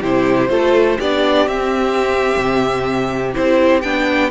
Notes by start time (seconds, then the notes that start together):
0.00 C3 E4 G4 C5
0.48 A3 F4 A4
0.98 B3 D4 G4 D5
1.47 C4 E5
2.37 C3
3.33 C4 E4 C5
3.81 B3 D4 G5